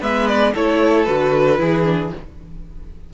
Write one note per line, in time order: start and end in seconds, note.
0.00 0.54 G#3
0.00 0.53 B3
0.00 0.53 B4
0.00 0.27 E5
0.27 0.53 D5
0.54 1.07 A3
0.54 1.06 E4
0.54 1.59 A4
0.54 1.04 C#5
1.04 1.59 D3
1.04 1.58 F#4
1.04 2.10 B4
1.58 2.12 E3
1.58 1.84 E4
1.58 2.13 G#4
1.84 2.10 D4